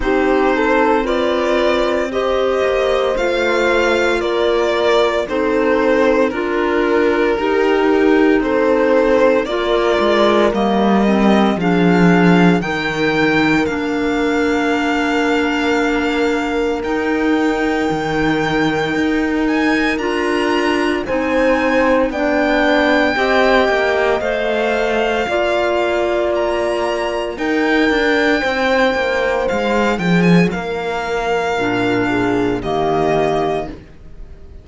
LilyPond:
<<
  \new Staff \with { instrumentName = "violin" } { \time 4/4 \tempo 4 = 57 c''4 d''4 dis''4 f''4 | d''4 c''4 ais'2 | c''4 d''4 dis''4 f''4 | g''4 f''2. |
g''2~ g''8 gis''8 ais''4 | gis''4 g''2 f''4~ | f''4 ais''4 g''2 | f''8 g''16 gis''16 f''2 dis''4 | }
  \new Staff \with { instrumentName = "horn" } { \time 4/4 g'8 a'8 b'4 c''2 | ais'4 a'4 ais'4 g'4 | a'4 ais'2 gis'4 | ais'1~ |
ais'1 | c''4 d''4 dis''2 | d''2 ais'4 c''4~ | c''8 gis'8 ais'4. gis'8 g'4 | }
  \new Staff \with { instrumentName = "clarinet" } { \time 4/4 dis'4 f'4 g'4 f'4~ | f'4 dis'4 f'4 dis'4~ | dis'4 f'4 ais8 c'8 d'4 | dis'4 d'2. |
dis'2. f'4 | dis'4 d'4 g'4 c''4 | f'2 dis'2~ | dis'2 d'4 ais4 | }
  \new Staff \with { instrumentName = "cello" } { \time 4/4 c'2~ c'8 ais8 a4 | ais4 c'4 d'4 dis'4 | c'4 ais8 gis8 g4 f4 | dis4 ais2. |
dis'4 dis4 dis'4 d'4 | c'4 b4 c'8 ais8 a4 | ais2 dis'8 d'8 c'8 ais8 | gis8 f8 ais4 ais,4 dis4 | }
>>